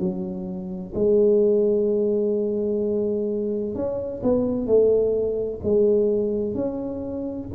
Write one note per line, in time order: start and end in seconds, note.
0.00 0.94 F#3
0.95 3.75 G#3
3.75 4.22 C#4
4.23 4.67 B3
4.67 5.61 A3
5.64 6.55 G#3
6.55 7.49 C#4